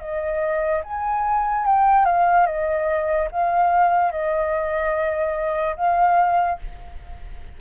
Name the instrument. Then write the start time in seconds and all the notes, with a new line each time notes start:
flute
0.00 D#5
0.84 G#5
1.66 G5
2.05 F5
2.46 D#5
3.31 F5
4.12 D#5
5.76 F5